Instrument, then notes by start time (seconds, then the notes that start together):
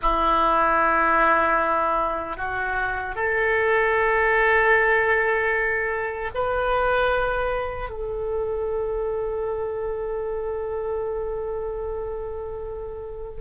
oboe
0.02 E4
2.36 F#4
3.15 A4
6.34 B4
7.89 A4